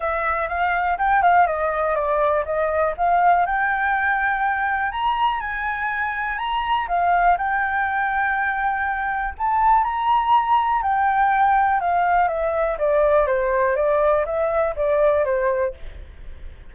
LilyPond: \new Staff \with { instrumentName = "flute" } { \time 4/4 \tempo 4 = 122 e''4 f''4 g''8 f''8 dis''4 | d''4 dis''4 f''4 g''4~ | g''2 ais''4 gis''4~ | gis''4 ais''4 f''4 g''4~ |
g''2. a''4 | ais''2 g''2 | f''4 e''4 d''4 c''4 | d''4 e''4 d''4 c''4 | }